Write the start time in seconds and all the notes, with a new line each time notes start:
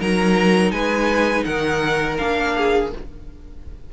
0.00 F#3 D#4 A#4 A#5
0.72 G#3 B4 G#5
1.45 D#3 A#4 F#5
2.19 A#3 D4 F5
2.57 G#4